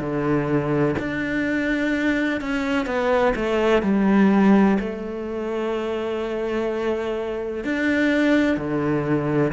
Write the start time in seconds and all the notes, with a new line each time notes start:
0.00 D3
0.99 D4
2.41 C#4
2.86 B3
3.35 A3
3.83 G3
4.80 A3
7.65 D4
8.57 D3